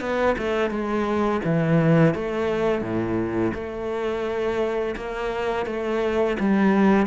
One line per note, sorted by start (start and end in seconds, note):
0.00 0.35 B3
0.38 0.70 A3
0.70 1.41 G#3
1.44 2.14 E3
2.14 2.81 A3
2.81 3.52 A2
3.54 4.95 A3
4.96 5.66 A#3
5.66 6.36 A3
6.39 7.06 G3